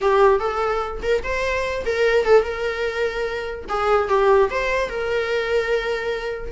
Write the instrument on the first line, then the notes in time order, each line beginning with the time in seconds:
viola
0.01 G4
0.39 A4
1.02 A#4
1.23 C5
1.85 A#4
2.25 A4
2.42 A#4
3.68 G#4
4.08 G4
4.50 C5
4.89 A#4